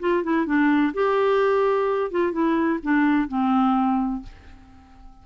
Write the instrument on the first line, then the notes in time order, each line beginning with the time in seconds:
clarinet
0.00 F4
0.23 E4
0.46 D4
0.94 G4
2.11 F4
2.32 E4
2.83 D4
3.28 C4